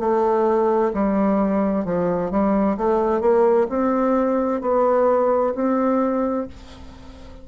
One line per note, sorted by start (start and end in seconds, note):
0.00 0.92 A3
0.94 1.85 G3
1.85 2.31 F3
2.31 2.77 G3
2.78 3.21 A3
3.21 3.67 A#3
3.70 4.62 C4
4.62 5.54 B3
5.55 6.47 C4